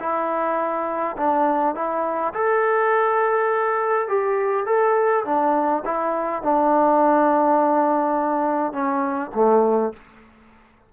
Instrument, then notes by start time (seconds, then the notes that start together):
trombone
0.00 E4
1.17 D4
1.75 E4
2.34 A4
4.08 G4
4.66 A4
5.25 D4
5.85 E4
6.43 D4
8.73 C#4
9.35 A3